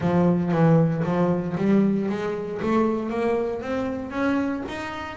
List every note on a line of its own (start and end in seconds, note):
0.00 0.51 F3
0.51 1.03 E3
1.04 1.55 F3
1.57 2.09 G3
2.09 2.60 G#3
2.61 3.09 A3
3.09 3.61 A#3
3.61 4.11 C4
4.11 4.62 C#4
4.68 5.17 D#4